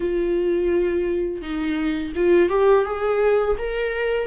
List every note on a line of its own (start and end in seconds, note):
0.00 1.41 F4
1.41 2.12 D#4
2.15 2.49 F4
2.49 2.84 G4
2.84 3.56 G#4
3.57 4.27 A#4